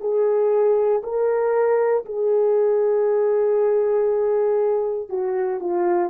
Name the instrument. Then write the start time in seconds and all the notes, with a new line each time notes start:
horn
0.00 G#4
1.03 A#4
2.05 G#4
5.09 F#4
5.60 F4